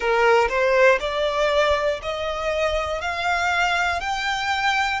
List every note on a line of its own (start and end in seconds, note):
0.00 0.48 A#4
0.49 0.99 C5
1.00 2.00 D5
2.02 3.00 D#5
3.00 4.00 F5
4.00 5.00 G5